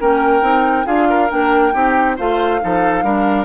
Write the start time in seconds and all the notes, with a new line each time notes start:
0.00 A#3 C#4 A#4 G5
0.42 C4 D#4
0.86 D4 F4 G#4 F5
1.10 A#4
1.30 A#3 D4 G5
1.73 C4 D#4 G4
2.17 A3 F4 C5 F5
2.61 F3 D#4 A4
3.03 G3 D4 A#4